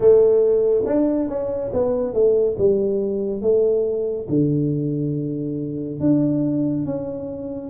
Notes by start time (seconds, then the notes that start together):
0.00 A3
0.86 D4
1.29 C#4
1.73 B3
2.13 A3
2.58 G3
3.41 A3
4.29 D3
6.00 D4
6.85 C#4